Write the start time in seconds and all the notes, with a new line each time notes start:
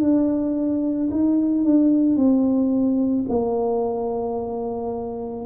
0.00 D4
1.11 D#4
1.64 D4
2.16 C4
3.28 A#3